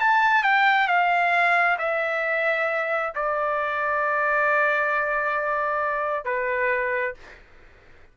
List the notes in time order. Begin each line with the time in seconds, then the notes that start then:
0.00 A5
0.44 G5
0.88 F5
1.79 E5
3.15 D5
6.25 B4